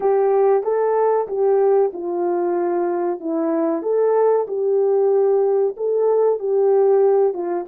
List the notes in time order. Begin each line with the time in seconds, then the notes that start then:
0.00 G4
0.63 A4
1.27 G4
1.93 F4
3.20 E4
3.82 A4
4.47 G4
5.76 A4
6.39 G4
7.33 F4